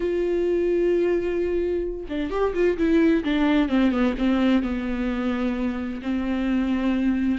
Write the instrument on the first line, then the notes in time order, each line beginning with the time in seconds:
viola
0.00 F4
2.09 D4
2.30 G4
2.54 F4
2.77 E4
3.23 D4
3.68 C4
3.91 B3
4.18 C4
4.62 B3
6.02 C4